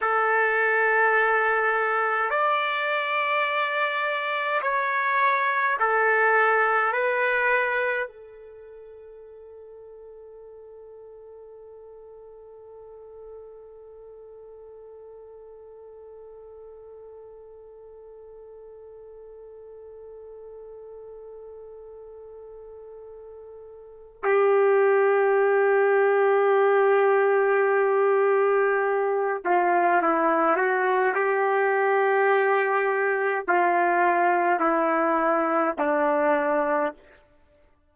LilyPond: \new Staff \with { instrumentName = "trumpet" } { \time 4/4 \tempo 4 = 52 a'2 d''2 | cis''4 a'4 b'4 a'4~ | a'1~ | a'1~ |
a'1~ | a'4 g'2.~ | g'4. f'8 e'8 fis'8 g'4~ | g'4 f'4 e'4 d'4 | }